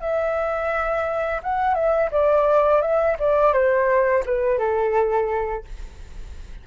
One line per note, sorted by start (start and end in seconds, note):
0.00 1.41 E5
1.42 1.74 F#5
1.74 2.10 E5
2.11 2.81 D5
2.81 3.17 E5
3.19 3.53 D5
3.53 4.24 C5
4.25 4.58 B4
4.58 5.64 A4